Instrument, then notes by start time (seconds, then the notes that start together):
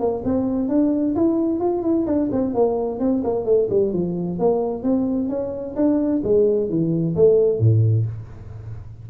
tuba
0.00 A#3
0.25 C4
0.69 D4
1.16 E4
1.60 F4
1.83 E4
2.07 D4
2.32 C4
2.54 A#3
3.00 C4
3.24 A#3
3.46 A3
3.70 G3
3.93 F3
4.40 A#3
4.84 C4
5.30 C#4
5.76 D4
6.24 G#3
6.70 E3
7.16 A3
7.60 A2